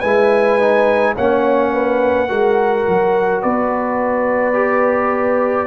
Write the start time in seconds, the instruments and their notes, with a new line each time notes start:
0.00 tuba G#3, trombone E4, horn B4, trumpet G#5
0.59 trombone D#4
1.15 tuba A#3, trombone C#4, horn C#5, trumpet F#5
1.73 horn B4
2.28 tuba G#3, trombone F#4, horn A#4
2.87 tuba F#3
3.42 tuba B3, horn B4, trumpet D5
4.54 trombone G4